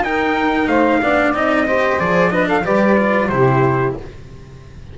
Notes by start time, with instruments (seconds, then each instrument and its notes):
0.00 double bass D#4, cello D#4, saxophone A#4, trumpet G5
0.67 double bass A3, saxophone C5, trumpet F5
1.02 double bass B3, cello D4, saxophone D5
1.34 double bass C4, cello D#4, trumpet D#5
1.66 cello G4, saxophone C5
1.99 double bass F3, cello G#4, trumpet D5
2.31 cello D4, saxophone B4, trumpet D#5
2.46 saxophone A4, trumpet F5
2.64 double bass G3, cello G4, saxophone B4, trumpet D5
2.98 cello F4
3.28 double bass C3, cello E4, saxophone G4, trumpet C5